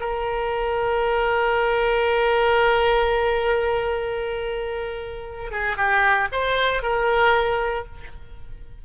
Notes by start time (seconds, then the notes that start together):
0.00 A#4
5.51 G#4
5.76 G4
6.32 C5
6.82 A#4